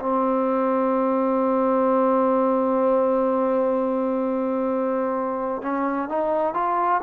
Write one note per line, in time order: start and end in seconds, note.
0.00 5.62 C4
5.62 6.09 C#4
6.09 6.54 D#4
6.54 7.01 F4